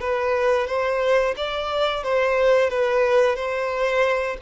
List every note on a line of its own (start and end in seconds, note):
0.00 0.67 B4
0.67 1.34 C5
1.36 2.03 D5
2.03 2.70 C5
2.70 3.36 B4
3.36 4.37 C5